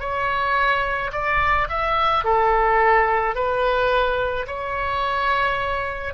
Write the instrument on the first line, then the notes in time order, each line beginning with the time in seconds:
oboe
0.00 C#5
1.12 D5
1.69 E5
2.24 A4
3.35 B4
4.47 C#5